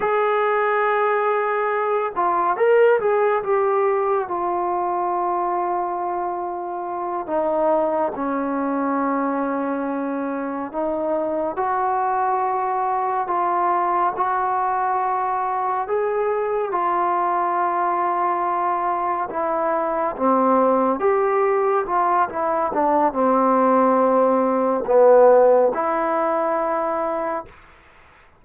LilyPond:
\new Staff \with { instrumentName = "trombone" } { \time 4/4 \tempo 4 = 70 gis'2~ gis'8 f'8 ais'8 gis'8 | g'4 f'2.~ | f'8 dis'4 cis'2~ cis'8~ | cis'8 dis'4 fis'2 f'8~ |
f'8 fis'2 gis'4 f'8~ | f'2~ f'8 e'4 c'8~ | c'8 g'4 f'8 e'8 d'8 c'4~ | c'4 b4 e'2 | }